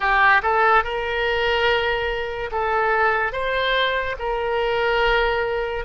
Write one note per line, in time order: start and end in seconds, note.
0.00 0.41 G4
0.42 0.83 A4
0.83 2.50 A#4
2.51 3.32 A4
3.32 4.16 C5
4.19 5.85 A#4